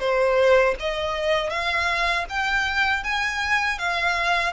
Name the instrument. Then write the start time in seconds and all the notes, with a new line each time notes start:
violin
0.00 C5
0.80 D#5
1.50 F5
2.30 G5
3.04 G#5
3.79 F5